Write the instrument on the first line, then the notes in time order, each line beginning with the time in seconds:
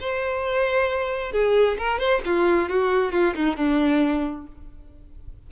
violin
0.00 C5
1.32 G#4
1.78 A#4
1.99 C5
2.25 F4
2.69 F#4
3.11 F4
3.35 D#4
3.56 D4